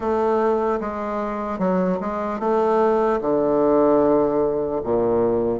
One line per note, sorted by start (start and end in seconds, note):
0.00 0.79 A3
0.80 1.58 G#3
1.58 1.98 F#3
2.00 2.39 G#3
2.39 3.19 A3
3.21 4.81 D3
4.83 5.59 A#2